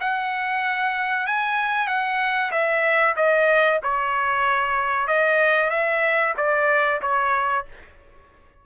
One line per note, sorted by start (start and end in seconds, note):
0.00 1.27 F#5
1.27 1.87 G#5
1.87 2.51 F#5
2.51 3.15 E5
3.16 3.80 D#5
3.83 5.07 C#5
5.07 5.70 D#5
5.70 6.34 E5
6.37 7.01 D5
7.02 7.65 C#5